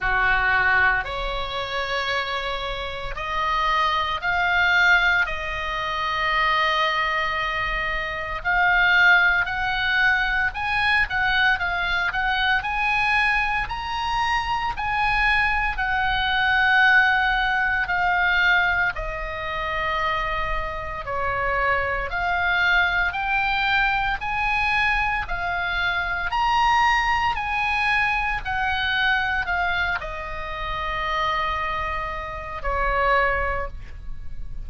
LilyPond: \new Staff \with { instrumentName = "oboe" } { \time 4/4 \tempo 4 = 57 fis'4 cis''2 dis''4 | f''4 dis''2. | f''4 fis''4 gis''8 fis''8 f''8 fis''8 | gis''4 ais''4 gis''4 fis''4~ |
fis''4 f''4 dis''2 | cis''4 f''4 g''4 gis''4 | f''4 ais''4 gis''4 fis''4 | f''8 dis''2~ dis''8 cis''4 | }